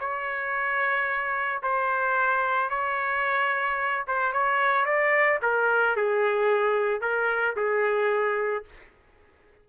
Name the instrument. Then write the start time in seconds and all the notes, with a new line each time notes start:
trumpet
0.00 C#5
1.63 C5
2.70 C#5
4.08 C5
4.33 C#5
4.86 D5
5.43 A#4
5.96 G#4
7.01 A#4
7.57 G#4